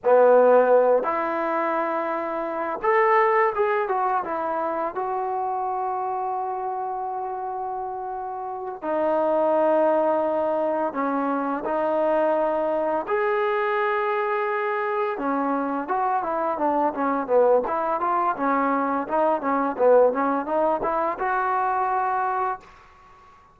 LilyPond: \new Staff \with { instrumentName = "trombone" } { \time 4/4 \tempo 4 = 85 b4. e'2~ e'8 | a'4 gis'8 fis'8 e'4 fis'4~ | fis'1~ | fis'8 dis'2. cis'8~ |
cis'8 dis'2 gis'4.~ | gis'4. cis'4 fis'8 e'8 d'8 | cis'8 b8 e'8 f'8 cis'4 dis'8 cis'8 | b8 cis'8 dis'8 e'8 fis'2 | }